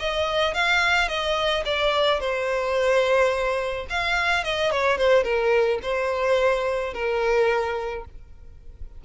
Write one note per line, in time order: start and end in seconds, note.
0.00 0.54 D#5
0.54 1.09 F5
1.09 1.64 D#5
1.66 2.20 D5
2.20 3.87 C5
3.90 4.44 F5
4.44 4.72 D#5
4.72 4.98 C#5
4.98 5.24 C5
5.24 5.80 A#4
5.83 6.94 C5
6.94 8.05 A#4